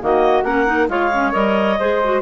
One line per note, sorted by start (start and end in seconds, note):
0.00 0.44 D#3
0.00 0.44 A#3
0.00 0.45 F#4
0.00 0.44 D#5
0.44 0.88 A#3
0.44 0.67 C#4
0.44 0.90 A#4
0.44 0.88 F#5
0.67 0.89 D#4
0.89 1.33 G#3
0.89 1.11 F4
0.89 1.80 C#5
0.89 1.32 F5
1.12 1.32 C#4
1.32 1.79 G3
1.32 1.77 A#4
1.32 2.21 D#5
1.80 2.22 G#3
1.80 2.02 G#4
1.80 2.22 C5
2.04 2.22 F#4